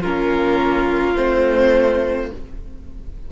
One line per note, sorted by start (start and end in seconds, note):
0.00 1.15 A#3
0.00 1.15 C#4
0.00 2.31 F4
0.00 1.16 A#4
1.15 2.31 A3
1.15 2.30 C4
1.15 2.31 C5